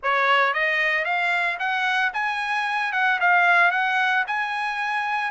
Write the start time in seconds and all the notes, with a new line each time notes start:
0.02 C#5
0.53 D#5
1.05 F5
1.59 F#5
2.13 G#5
2.92 F#5
3.20 F5
3.71 F#5
4.27 G#5